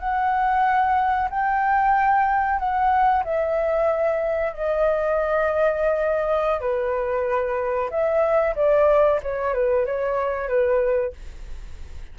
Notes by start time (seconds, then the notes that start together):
0.00 F#5
1.30 G5
2.60 F#5
3.25 E5
4.53 D#5
6.61 B4
7.91 E5
8.56 D5
9.23 C#5
9.55 B4
9.86 C#5
10.49 B4